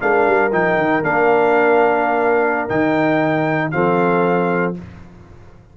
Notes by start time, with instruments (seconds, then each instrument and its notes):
0.00 tuba G#3, trombone D4, horn A#4, trumpet F5
0.27 tuba G3
0.52 tuba F3, trombone D#4, trumpet G5
0.77 tuba D#3
1.03 tuba A#3, trombone D4, trumpet F5
2.69 tuba D#3, trombone D#4, trumpet G5
3.71 tuba F3, trombone C4, horn A4, trumpet F5